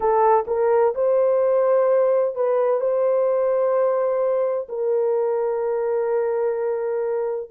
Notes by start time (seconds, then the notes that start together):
0.00 A4
0.47 A#4
0.94 C5
2.35 B4
2.80 C5
4.69 A#4